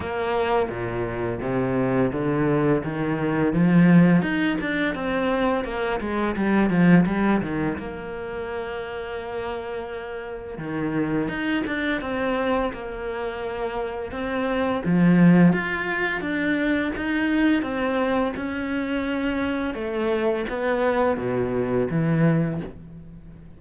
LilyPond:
\new Staff \with { instrumentName = "cello" } { \time 4/4 \tempo 4 = 85 ais4 ais,4 c4 d4 | dis4 f4 dis'8 d'8 c'4 | ais8 gis8 g8 f8 g8 dis8 ais4~ | ais2. dis4 |
dis'8 d'8 c'4 ais2 | c'4 f4 f'4 d'4 | dis'4 c'4 cis'2 | a4 b4 b,4 e4 | }